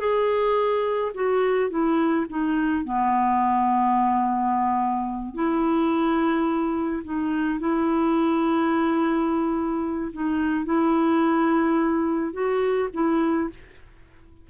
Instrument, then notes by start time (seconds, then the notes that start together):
clarinet
0.00 G#4
1.14 F#4
1.70 E4
2.30 D#4
2.85 B3
5.34 E4
7.04 D#4
7.60 E4
10.13 D#4
10.65 E4
12.33 F#4
12.94 E4